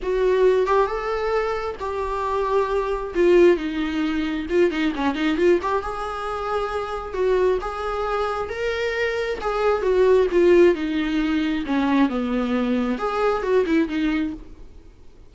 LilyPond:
\new Staff \with { instrumentName = "viola" } { \time 4/4 \tempo 4 = 134 fis'4. g'8 a'2 | g'2. f'4 | dis'2 f'8 dis'8 cis'8 dis'8 | f'8 g'8 gis'2. |
fis'4 gis'2 ais'4~ | ais'4 gis'4 fis'4 f'4 | dis'2 cis'4 b4~ | b4 gis'4 fis'8 e'8 dis'4 | }